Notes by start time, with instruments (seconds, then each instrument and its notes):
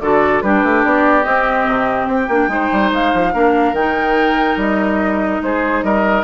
0.00 bassoon D3, clarinet F#4, oboe A4, flute D5
0.42 bassoon G3, clarinet D4, oboe G4, flute B4
0.63 bassoon A3
0.84 bassoon B3, flute D5
1.23 clarinet C4, bassoon C4, flute D#5
1.67 bassoon C3
2.07 bassoon C4, flute G5
2.28 bassoon A#3, clarinet D4
2.48 bassoon G#3, clarinet D#4, oboe C5
2.72 bassoon G3
2.91 bassoon G#3, flute F5
3.13 bassoon F3
3.33 bassoon A#3, clarinet D4, oboe A#4
3.72 bassoon D#3, clarinet D#4, flute G5
4.56 bassoon G3, flute D#5
5.42 bassoon G#3, oboe G#4, flute C5
5.83 bassoon G3, oboe A#4, flute D#5